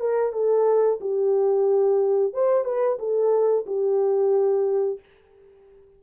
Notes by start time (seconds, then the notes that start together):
0.00 A#4
0.32 A4
1.01 G4
2.33 C5
2.65 B4
2.99 A4
3.66 G4